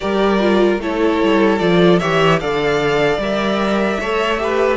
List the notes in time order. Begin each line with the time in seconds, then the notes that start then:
0.00 G3 G4 A#4 D5
0.39 F4
0.78 A3 E4 A4 C#5
1.23 G3
1.59 F3 F4 D5
1.98 E3 G4 C#5 E5
2.40 D3 A4 D5 F5
3.17 G3 A#4 E5
4.00 A3 A4 C#5
4.38 G4 B4